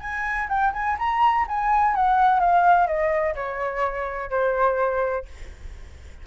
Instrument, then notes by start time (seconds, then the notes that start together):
flute
0.00 G#5
0.49 G5
0.73 G#5
0.98 A#5
1.48 G#5
1.95 F#5
2.40 F5
2.87 D#5
3.35 C#5
4.30 C5